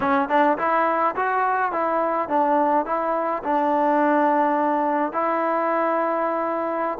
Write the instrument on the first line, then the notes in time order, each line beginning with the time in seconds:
trombone
0.00 C#4
0.29 D4
0.58 E4
1.15 F#4
1.71 E4
2.29 D4
2.85 E4
3.43 D4
5.12 E4